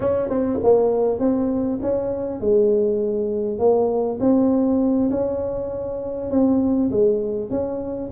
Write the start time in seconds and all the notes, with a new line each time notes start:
0.00 C#4
0.29 C4
0.63 A#3
1.19 C4
1.82 C#4
2.40 G#3
3.58 A#3
4.20 C4
5.10 C#4
6.30 C4
6.91 G#3
7.50 C#4